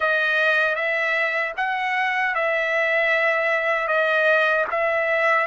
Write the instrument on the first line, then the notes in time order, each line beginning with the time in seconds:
trumpet
0.00 D#5
0.75 E5
1.56 F#5
2.34 E5
3.87 D#5
4.70 E5